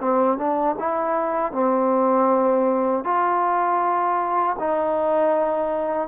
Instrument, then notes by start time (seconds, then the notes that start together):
trombone
0.00 C4
0.37 D4
0.79 E4
1.52 C4
3.04 F4
4.58 D#4